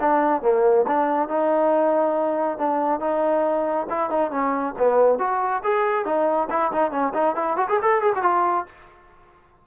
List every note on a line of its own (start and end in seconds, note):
0.00 0.42 D4
0.42 0.85 A#3
0.87 1.28 D4
1.28 2.58 D#4
2.58 3.00 D4
3.00 3.87 D#4
3.89 4.10 E4
4.10 4.31 D#4
4.31 4.74 C#4
4.78 5.19 B3
5.19 5.62 F#4
5.63 6.05 G#4
6.05 6.48 D#4
6.50 6.72 E4
6.72 6.91 D#4
6.91 7.13 C#4
7.14 7.36 D#4
7.36 7.57 E4
7.57 7.68 F#4
7.69 7.80 G#4
7.82 8.02 A4
8.02 8.12 G#4
8.15 8.23 F#4
8.23 8.66 F4